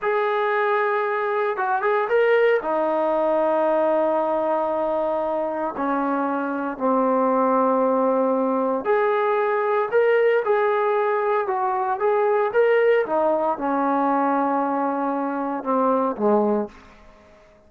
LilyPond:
\new Staff \with { instrumentName = "trombone" } { \time 4/4 \tempo 4 = 115 gis'2. fis'8 gis'8 | ais'4 dis'2.~ | dis'2. cis'4~ | cis'4 c'2.~ |
c'4 gis'2 ais'4 | gis'2 fis'4 gis'4 | ais'4 dis'4 cis'2~ | cis'2 c'4 gis4 | }